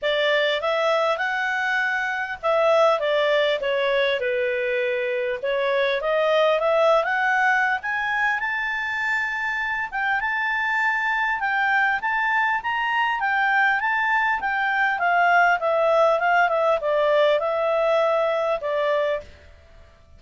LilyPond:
\new Staff \with { instrumentName = "clarinet" } { \time 4/4 \tempo 4 = 100 d''4 e''4 fis''2 | e''4 d''4 cis''4 b'4~ | b'4 cis''4 dis''4 e''8. fis''16~ | fis''4 gis''4 a''2~ |
a''8 g''8 a''2 g''4 | a''4 ais''4 g''4 a''4 | g''4 f''4 e''4 f''8 e''8 | d''4 e''2 d''4 | }